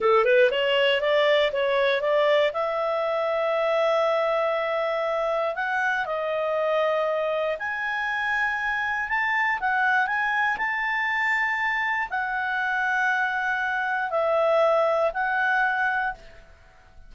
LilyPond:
\new Staff \with { instrumentName = "clarinet" } { \time 4/4 \tempo 4 = 119 a'8 b'8 cis''4 d''4 cis''4 | d''4 e''2.~ | e''2. fis''4 | dis''2. gis''4~ |
gis''2 a''4 fis''4 | gis''4 a''2. | fis''1 | e''2 fis''2 | }